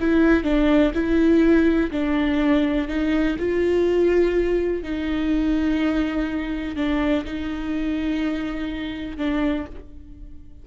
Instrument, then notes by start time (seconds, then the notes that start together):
viola
0.00 E4
0.44 D4
0.94 E4
1.91 D4
2.88 D#4
3.39 F4
4.83 D#4
6.76 D4
7.25 D#4
9.17 D4